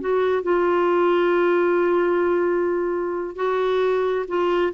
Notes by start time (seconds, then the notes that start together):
0.00 F#4
0.42 F4
3.35 F#4
4.28 F4